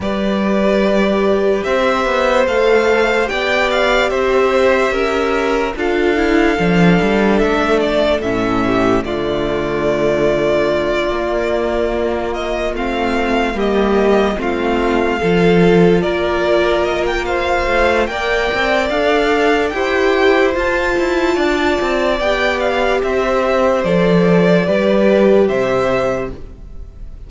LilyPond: <<
  \new Staff \with { instrumentName = "violin" } { \time 4/4 \tempo 4 = 73 d''2 e''4 f''4 | g''8 f''8 e''2 f''4~ | f''4 e''8 d''8 e''4 d''4~ | d''2. dis''8 f''8~ |
f''8 dis''4 f''2 d''8~ | d''8 dis''16 g''16 f''4 g''4 f''4 | g''4 a''2 g''8 f''8 | e''4 d''2 e''4 | }
  \new Staff \with { instrumentName = "violin" } { \time 4/4 b'2 c''2 | d''4 c''4 ais'4 a'4~ | a'2~ a'8 g'8 f'4~ | f'1~ |
f'8 g'4 f'4 a'4 ais'8~ | ais'4 c''4 d''2 | c''2 d''2 | c''2 b'4 c''4 | }
  \new Staff \with { instrumentName = "viola" } { \time 4/4 g'2. a'4 | g'2. f'8 e'8 | d'2 cis'4 a4~ | a4. ais2 c'8~ |
c'8 ais4 c'4 f'4.~ | f'2 ais'4 a'4 | g'4 f'2 g'4~ | g'4 a'4 g'2 | }
  \new Staff \with { instrumentName = "cello" } { \time 4/4 g2 c'8 b8 a4 | b4 c'4 cis'4 d'4 | f8 g8 a4 a,4 d4~ | d4. ais2 a8~ |
a8 g4 a4 f4 ais8~ | ais4. a8 ais8 c'8 d'4 | e'4 f'8 e'8 d'8 c'8 b4 | c'4 f4 g4 c4 | }
>>